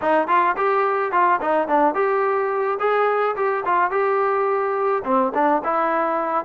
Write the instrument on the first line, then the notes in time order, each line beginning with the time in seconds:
trombone
0.01 D#4
0.27 F4
0.56 G4
1.12 F4
1.41 D#4
1.67 D4
1.94 G4
2.79 G#4
3.36 G4
3.65 F4
3.90 G4
5.04 C4
5.34 D4
5.64 E4